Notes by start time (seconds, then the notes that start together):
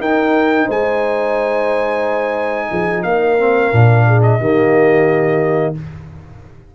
0.00 D#4 A#4 G5
0.66 G#3 C5 G#5
2.70 F3 G#4
3.03 A#3 A#4 F5
3.38 C4
3.72 A#2 D4
4.07 G#4
4.23 D#5
4.40 D#3 A#3 G4